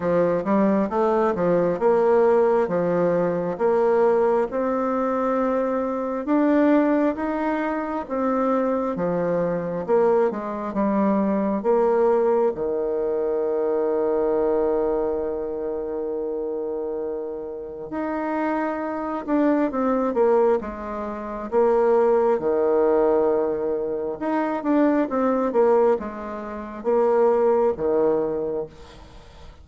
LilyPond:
\new Staff \with { instrumentName = "bassoon" } { \time 4/4 \tempo 4 = 67 f8 g8 a8 f8 ais4 f4 | ais4 c'2 d'4 | dis'4 c'4 f4 ais8 gis8 | g4 ais4 dis2~ |
dis1 | dis'4. d'8 c'8 ais8 gis4 | ais4 dis2 dis'8 d'8 | c'8 ais8 gis4 ais4 dis4 | }